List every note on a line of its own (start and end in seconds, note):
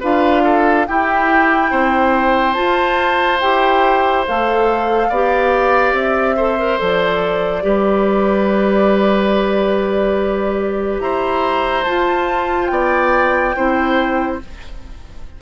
0.00 0.87 D4
0.00 0.87 F4
0.00 0.42 B4
0.00 0.87 F5
0.43 0.86 A4
0.87 2.55 E4
0.87 1.71 E4
0.87 1.70 G4
0.87 2.53 G5
1.70 2.56 C4
1.70 5.08 C5
2.53 3.39 F4
2.53 3.42 F4
2.53 3.37 A5
3.40 4.26 E4
3.40 4.26 G4
3.40 4.24 G5
4.27 5.09 A3
4.27 5.12 A4
4.27 5.94 F5
5.09 5.92 B3
5.09 6.37 G4
5.09 6.36 D5
5.92 6.77 C4
5.92 6.78 E5
6.36 6.58 A4
6.36 7.63 C5
6.58 6.78 A#4
6.78 7.63 F3
6.78 7.62 A4
6.78 10.99 D5
7.62 10.99 G3
7.62 11.84 G4
7.62 11.02 B4
10.99 11.84 E4
10.99 12.71 C5
10.99 11.83 A#5
11.83 13.55 F4
11.83 12.70 F4
11.83 12.66 A5
12.66 13.54 B3
12.66 13.55 D5
12.66 14.35 G5
13.55 14.41 C4
13.55 14.39 E4
13.55 14.40 C5